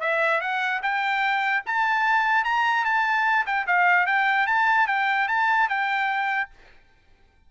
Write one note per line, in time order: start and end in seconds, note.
0.00 0.41 E5
0.41 0.81 F#5
0.82 1.63 G5
1.66 2.44 A5
2.44 2.85 A#5
2.85 3.46 A5
3.46 3.66 G5
3.67 4.06 F5
4.06 4.47 G5
4.47 4.87 A5
4.87 5.28 G5
5.28 5.68 A5
5.68 6.50 G5